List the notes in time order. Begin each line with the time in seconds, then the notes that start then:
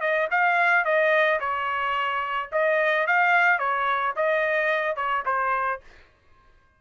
0.00 D#5
0.31 F5
0.84 D#5
1.40 C#5
2.51 D#5
3.07 F5
3.59 C#5
4.16 D#5
4.96 C#5
5.25 C5